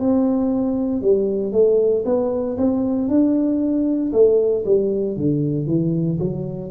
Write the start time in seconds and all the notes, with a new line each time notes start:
0.00 C4
1.01 G3
1.52 A3
2.05 B3
2.57 C4
3.08 D4
4.12 A3
4.65 G3
5.16 D3
5.67 E3
6.19 F#3